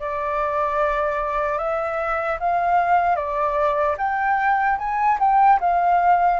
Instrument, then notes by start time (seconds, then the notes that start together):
flute
0.00 D5
1.58 E5
2.40 F5
3.16 D5
3.98 G5
4.79 G#5
5.20 G5
5.60 F5